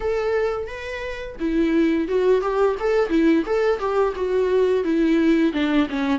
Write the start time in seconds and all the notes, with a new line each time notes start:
0.00 A4
0.67 B4
1.39 E4
2.08 F#4
2.41 G4
2.79 A4
3.09 E4
3.45 A4
3.79 G4
4.15 F#4
4.84 E4
5.52 D4
5.89 C#4